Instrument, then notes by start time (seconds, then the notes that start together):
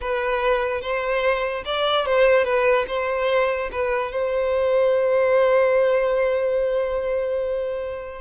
violin
0.00 B4
0.81 C5
1.65 D5
2.06 C5
2.44 B4
2.87 C5
3.71 B4
4.11 C5